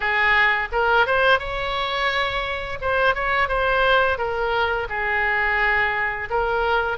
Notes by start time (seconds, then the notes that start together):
0.00 G#4
0.72 A#4
1.06 C5
1.39 C#5
2.81 C5
3.15 C#5
3.48 C5
4.17 A#4
4.89 G#4
6.30 A#4